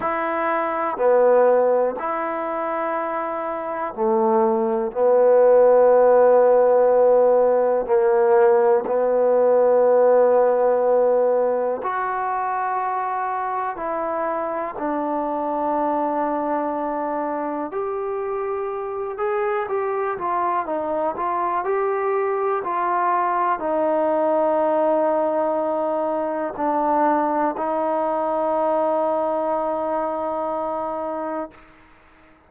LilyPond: \new Staff \with { instrumentName = "trombone" } { \time 4/4 \tempo 4 = 61 e'4 b4 e'2 | a4 b2. | ais4 b2. | fis'2 e'4 d'4~ |
d'2 g'4. gis'8 | g'8 f'8 dis'8 f'8 g'4 f'4 | dis'2. d'4 | dis'1 | }